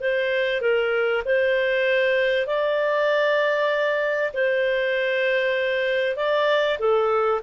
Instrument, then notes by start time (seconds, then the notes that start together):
clarinet
0.00 C5
0.61 A#4
1.25 C5
2.47 D5
4.33 C5
6.16 D5
6.79 A4